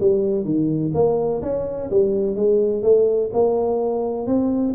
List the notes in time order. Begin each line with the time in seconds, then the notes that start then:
0.00 G3
0.45 D#3
0.94 A#3
1.42 C#4
1.90 G3
2.36 G#3
2.83 A3
3.33 A#3
4.27 C4